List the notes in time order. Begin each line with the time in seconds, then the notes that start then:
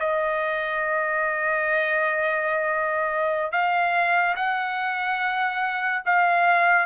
0.00 D#5
3.52 F5
4.36 F#5
6.06 F5